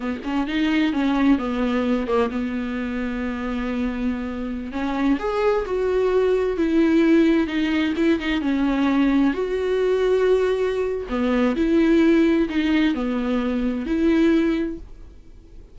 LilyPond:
\new Staff \with { instrumentName = "viola" } { \time 4/4 \tempo 4 = 130 b8 cis'8 dis'4 cis'4 b4~ | b8 ais8 b2.~ | b2~ b16 cis'4 gis'8.~ | gis'16 fis'2 e'4.~ e'16~ |
e'16 dis'4 e'8 dis'8 cis'4.~ cis'16~ | cis'16 fis'2.~ fis'8. | b4 e'2 dis'4 | b2 e'2 | }